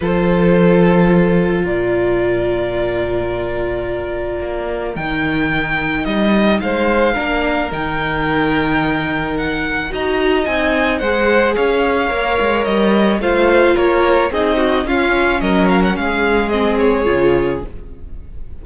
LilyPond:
<<
  \new Staff \with { instrumentName = "violin" } { \time 4/4 \tempo 4 = 109 c''2. d''4~ | d''1~ | d''4 g''2 dis''4 | f''2 g''2~ |
g''4 fis''4 ais''4 gis''4 | fis''4 f''2 dis''4 | f''4 cis''4 dis''4 f''4 | dis''8 f''16 fis''16 f''4 dis''8 cis''4. | }
  \new Staff \with { instrumentName = "violin" } { \time 4/4 a'2. ais'4~ | ais'1~ | ais'1 | c''4 ais'2.~ |
ais'2 dis''2 | c''4 cis''2. | c''4 ais'4 gis'8 fis'8 f'4 | ais'4 gis'2. | }
  \new Staff \with { instrumentName = "viola" } { \time 4/4 f'1~ | f'1~ | f'4 dis'2.~ | dis'4 d'4 dis'2~ |
dis'2 fis'4 dis'4 | gis'2 ais'2 | f'2 dis'4 cis'4~ | cis'2 c'4 f'4 | }
  \new Staff \with { instrumentName = "cello" } { \time 4/4 f2. ais,4~ | ais,1 | ais4 dis2 g4 | gis4 ais4 dis2~ |
dis2 dis'4 c'4 | gis4 cis'4 ais8 gis8 g4 | a4 ais4 c'4 cis'4 | fis4 gis2 cis4 | }
>>